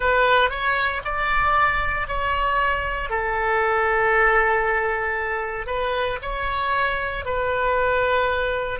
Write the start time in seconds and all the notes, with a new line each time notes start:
0.00 B4
0.49 C#5
1.04 D5
2.07 C#5
3.09 A4
5.66 B4
6.22 C#5
7.25 B4